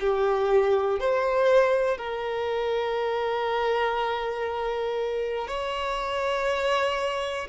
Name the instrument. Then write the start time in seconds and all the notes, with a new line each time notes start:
violin
0.00 G4
1.00 C5
1.98 A#4
5.48 C#5